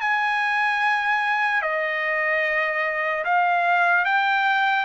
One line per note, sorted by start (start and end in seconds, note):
0.00 1.62 G#5
1.62 3.24 D#5
3.24 4.05 F5
4.05 4.85 G5